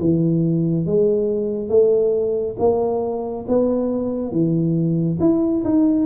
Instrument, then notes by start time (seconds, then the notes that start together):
tuba
0.00 E3
0.87 G#3
1.70 A3
2.59 A#3
3.49 B3
4.32 E3
5.21 E4
5.65 D#4